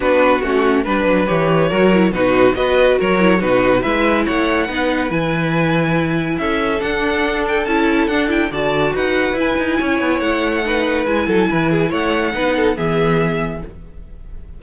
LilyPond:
<<
  \new Staff \with { instrumentName = "violin" } { \time 4/4 \tempo 4 = 141 b'4 fis'4 b'4 cis''4~ | cis''4 b'4 dis''4 cis''4 | b'4 e''4 fis''2 | gis''2. e''4 |
fis''4. g''8 a''4 fis''8 g''8 | a''4 fis''4 gis''2 | fis''2 gis''2 | fis''2 e''2 | }
  \new Staff \with { instrumentName = "violin" } { \time 4/4 fis'2 b'2 | ais'4 fis'4 b'4 ais'4 | fis'4 b'4 cis''4 b'4~ | b'2. a'4~ |
a'1 | d''4 b'2 cis''4~ | cis''4 b'4. a'8 b'8 gis'8 | cis''4 b'8 a'8 gis'2 | }
  \new Staff \with { instrumentName = "viola" } { \time 4/4 d'4 cis'4 d'4 g'4 | fis'8 e'8 dis'4 fis'4. e'8 | dis'4 e'2 dis'4 | e'1 |
d'2 e'4 d'8 e'8 | fis'2 e'2~ | e'4 dis'4 e'2~ | e'4 dis'4 b2 | }
  \new Staff \with { instrumentName = "cello" } { \time 4/4 b4 a4 g8 fis8 e4 | fis4 b,4 b4 fis4 | b,4 gis4 a4 b4 | e2. cis'4 |
d'2 cis'4 d'4 | d4 dis'4 e'8 dis'8 cis'8 b8 | a2 gis8 fis8 e4 | a4 b4 e2 | }
>>